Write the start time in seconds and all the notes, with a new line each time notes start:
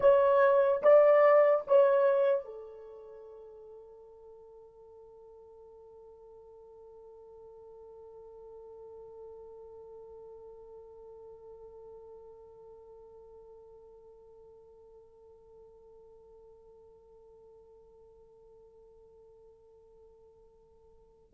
0.00 C#5
0.82 D5
1.67 C#5
2.44 A4